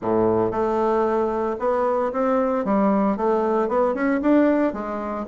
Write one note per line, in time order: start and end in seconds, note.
0.01 0.51 A2
0.51 1.56 A3
1.59 2.11 B3
2.12 2.65 C4
2.65 3.16 G3
3.16 3.68 A3
3.68 3.94 B3
3.94 4.21 C#4
4.21 4.73 D4
4.73 5.25 G#3